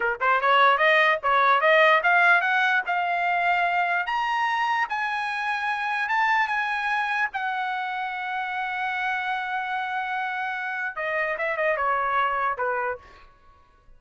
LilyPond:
\new Staff \with { instrumentName = "trumpet" } { \time 4/4 \tempo 4 = 148 ais'8 c''8 cis''4 dis''4 cis''4 | dis''4 f''4 fis''4 f''4~ | f''2 ais''2 | gis''2. a''4 |
gis''2 fis''2~ | fis''1~ | fis''2. dis''4 | e''8 dis''8 cis''2 b'4 | }